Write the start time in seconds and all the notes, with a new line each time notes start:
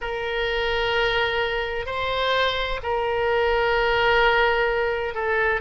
0.01 A#4
1.86 C5
2.83 A#4
5.14 A4